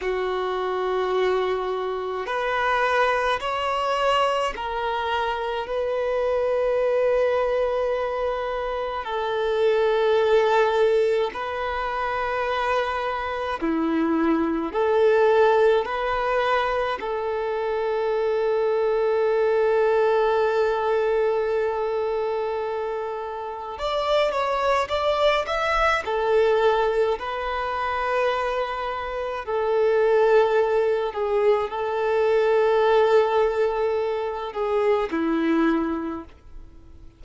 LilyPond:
\new Staff \with { instrumentName = "violin" } { \time 4/4 \tempo 4 = 53 fis'2 b'4 cis''4 | ais'4 b'2. | a'2 b'2 | e'4 a'4 b'4 a'4~ |
a'1~ | a'4 d''8 cis''8 d''8 e''8 a'4 | b'2 a'4. gis'8 | a'2~ a'8 gis'8 e'4 | }